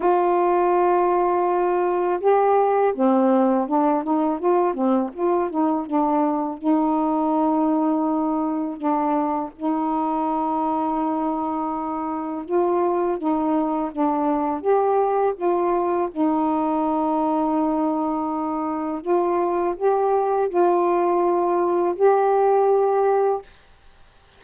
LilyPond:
\new Staff \with { instrumentName = "saxophone" } { \time 4/4 \tempo 4 = 82 f'2. g'4 | c'4 d'8 dis'8 f'8 c'8 f'8 dis'8 | d'4 dis'2. | d'4 dis'2.~ |
dis'4 f'4 dis'4 d'4 | g'4 f'4 dis'2~ | dis'2 f'4 g'4 | f'2 g'2 | }